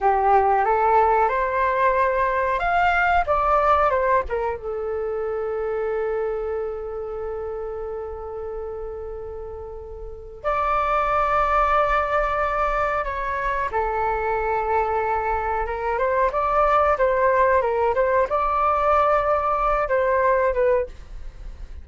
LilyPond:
\new Staff \with { instrumentName = "flute" } { \time 4/4 \tempo 4 = 92 g'4 a'4 c''2 | f''4 d''4 c''8 ais'8 a'4~ | a'1~ | a'1 |
d''1 | cis''4 a'2. | ais'8 c''8 d''4 c''4 ais'8 c''8 | d''2~ d''8 c''4 b'8 | }